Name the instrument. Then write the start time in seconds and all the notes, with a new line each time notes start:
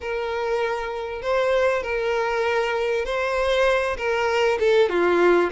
violin
0.00 A#4
1.22 C5
1.82 A#4
3.05 C5
3.97 A#4
4.59 A4
4.89 F4